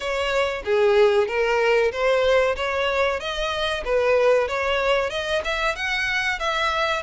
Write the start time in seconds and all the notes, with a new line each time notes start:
0.00 C#5
0.64 G#4
1.27 A#4
1.91 C5
2.56 C#5
3.19 D#5
3.84 B4
4.47 C#5
5.09 D#5
5.44 E5
5.75 F#5
6.39 E5